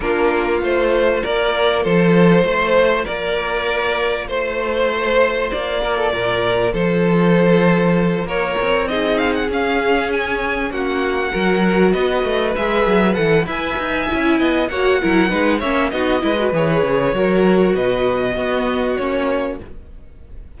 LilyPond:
<<
  \new Staff \with { instrumentName = "violin" } { \time 4/4 \tempo 4 = 98 ais'4 c''4 d''4 c''4~ | c''4 d''2 c''4~ | c''4 d''2 c''4~ | c''4. cis''4 dis''8 f''16 fis''16 f''8~ |
f''8 gis''4 fis''2 dis''8~ | dis''8 e''4 fis''8 gis''2 | fis''4. e''8 dis''4 cis''4~ | cis''4 dis''2 cis''4 | }
  \new Staff \with { instrumentName = "violin" } { \time 4/4 f'2 ais'4 a'4 | c''4 ais'2 c''4~ | c''4. ais'16 a'16 ais'4 a'4~ | a'4. ais'4 gis'4.~ |
gis'4. fis'4 ais'4 b'8~ | b'2 e''4. dis''8 | cis''8 ais'8 b'8 cis''8 fis'8 b'4. | ais'4 b'4 fis'2 | }
  \new Staff \with { instrumentName = "viola" } { \time 4/4 d'4 f'2.~ | f'1~ | f'1~ | f'2~ f'8 dis'4 cis'8~ |
cis'2~ cis'8 fis'4.~ | fis'8 gis'4 a'8 b'4 e'4 | fis'8 e'8 dis'8 cis'8 dis'8 e'16 fis'16 gis'4 | fis'2 b4 cis'4 | }
  \new Staff \with { instrumentName = "cello" } { \time 4/4 ais4 a4 ais4 f4 | a4 ais2 a4~ | a4 ais4 ais,4 f4~ | f4. ais8 c'4. cis'8~ |
cis'4. ais4 fis4 b8 | a8 gis8 fis8 e8 e'8 dis'8 cis'8 b8 | ais8 fis8 gis8 ais8 b8 gis8 e8 cis8 | fis4 b,4 b4 ais4 | }
>>